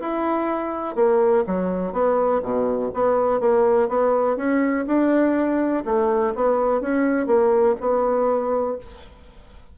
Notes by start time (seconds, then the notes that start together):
0.00 E4
0.95 A#3
1.46 F#3
1.92 B3
2.42 B2
2.93 B3
3.40 A#3
3.88 B3
4.36 C#4
4.86 D4
5.85 A3
6.35 B3
6.80 C#4
7.26 A#3
7.80 B3